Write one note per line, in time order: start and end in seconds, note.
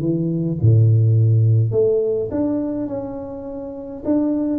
0.00 0.58 E3
0.61 1.72 A2
1.72 2.29 A3
2.31 2.87 D4
2.87 4.03 C#4
4.05 4.59 D4